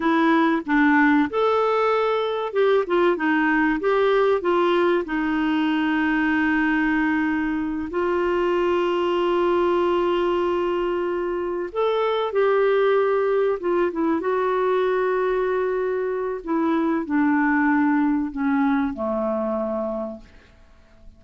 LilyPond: \new Staff \with { instrumentName = "clarinet" } { \time 4/4 \tempo 4 = 95 e'4 d'4 a'2 | g'8 f'8 dis'4 g'4 f'4 | dis'1~ | dis'8 f'2.~ f'8~ |
f'2~ f'8 a'4 g'8~ | g'4. f'8 e'8 fis'4.~ | fis'2 e'4 d'4~ | d'4 cis'4 a2 | }